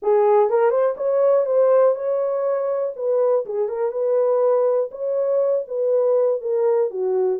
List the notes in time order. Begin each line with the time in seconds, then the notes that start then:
0.02 G#4
0.49 A#4
0.70 C5
0.96 C#5
1.46 C5
1.95 C#5
2.96 B4
3.45 G#4
3.68 A#4
3.91 B4
4.91 C#5
5.67 B4
6.41 A#4
6.90 F#4